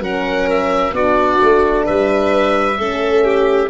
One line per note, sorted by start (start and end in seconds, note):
0.00 0.92 F#3
0.00 0.93 C#4
0.00 0.94 A#4
0.00 0.50 F#5
0.50 0.95 E5
0.93 1.39 B3
0.93 2.78 D4
0.93 1.86 F#4
0.93 1.87 D5
1.42 1.89 A3
1.86 2.80 G3
1.86 2.78 B4
1.86 3.71 E5
2.79 3.71 A3
2.79 3.71 C#4
2.79 3.25 A4
3.25 3.71 G4